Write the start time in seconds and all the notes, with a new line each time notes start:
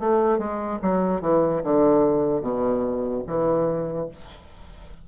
0.00 A3
0.39 G#3
0.83 F#3
1.22 E3
1.64 D3
2.42 B2
3.27 E3